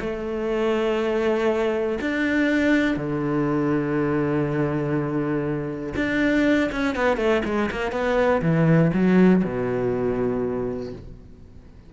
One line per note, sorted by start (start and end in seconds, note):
0.00 1.98 A3
2.01 2.96 D4
2.96 5.93 D3
5.96 6.70 D4
6.71 6.95 C#4
6.95 7.17 B3
7.17 7.42 A3
7.45 7.69 G#3
7.71 7.92 A#3
7.92 8.41 B3
8.42 8.91 E3
8.93 9.43 F#3
9.43 10.92 B2